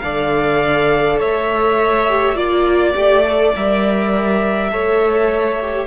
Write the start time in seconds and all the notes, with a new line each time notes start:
0.00 D3 A4 D5 F5
1.20 A3 C#5 E5
2.09 G4
2.35 A#3 F4 D5
2.94 A3 G4
3.25 A4
3.55 G3 A#4 E5
4.71 A3 A4 C#5
5.61 G4